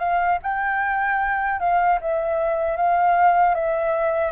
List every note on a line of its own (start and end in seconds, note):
0.00 0.39 F5
0.43 1.60 G5
1.60 1.99 F5
2.01 2.77 E5
2.77 3.55 F5
3.55 4.32 E5